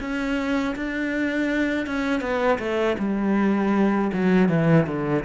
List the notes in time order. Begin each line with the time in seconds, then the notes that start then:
0.00 C#4
0.75 D4
1.86 C#4
2.21 B3
2.58 A3
2.98 G3
4.13 F#3
4.48 E3
4.86 D3